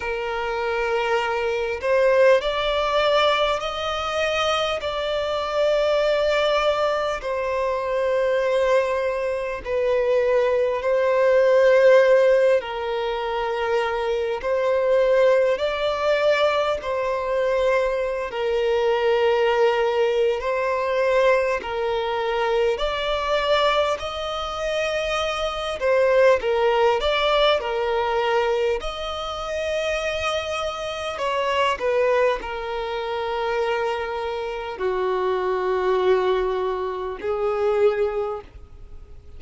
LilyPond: \new Staff \with { instrumentName = "violin" } { \time 4/4 \tempo 4 = 50 ais'4. c''8 d''4 dis''4 | d''2 c''2 | b'4 c''4. ais'4. | c''4 d''4 c''4~ c''16 ais'8.~ |
ais'4 c''4 ais'4 d''4 | dis''4. c''8 ais'8 d''8 ais'4 | dis''2 cis''8 b'8 ais'4~ | ais'4 fis'2 gis'4 | }